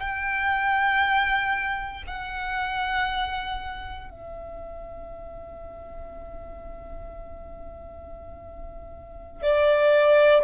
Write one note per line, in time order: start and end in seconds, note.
0.00 2.03 G5
2.07 4.10 F#5
4.10 9.43 E5
9.43 10.44 D5